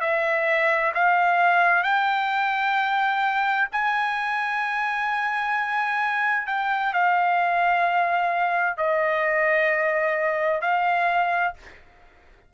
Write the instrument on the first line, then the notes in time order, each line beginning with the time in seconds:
trumpet
0.00 E5
0.94 F5
1.83 G5
3.72 G#5
6.47 G5
6.93 F5
8.77 D#5
10.61 F5